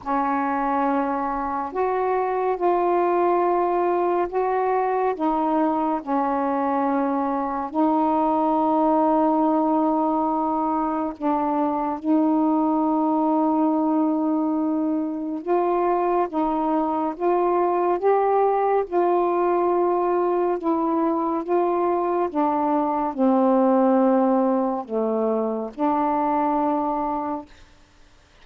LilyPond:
\new Staff \with { instrumentName = "saxophone" } { \time 4/4 \tempo 4 = 70 cis'2 fis'4 f'4~ | f'4 fis'4 dis'4 cis'4~ | cis'4 dis'2.~ | dis'4 d'4 dis'2~ |
dis'2 f'4 dis'4 | f'4 g'4 f'2 | e'4 f'4 d'4 c'4~ | c'4 a4 d'2 | }